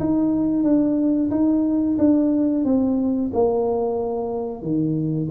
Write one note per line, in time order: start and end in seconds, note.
0.00 0.63 D#4
0.63 1.30 D4
1.31 1.98 D#4
1.98 2.65 D4
2.65 3.31 C4
3.33 4.62 A#3
4.62 5.29 D#3